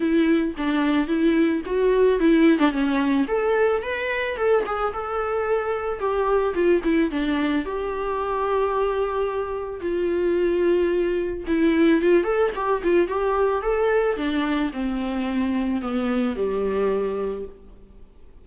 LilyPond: \new Staff \with { instrumentName = "viola" } { \time 4/4 \tempo 4 = 110 e'4 d'4 e'4 fis'4 | e'8. d'16 cis'4 a'4 b'4 | a'8 gis'8 a'2 g'4 | f'8 e'8 d'4 g'2~ |
g'2 f'2~ | f'4 e'4 f'8 a'8 g'8 f'8 | g'4 a'4 d'4 c'4~ | c'4 b4 g2 | }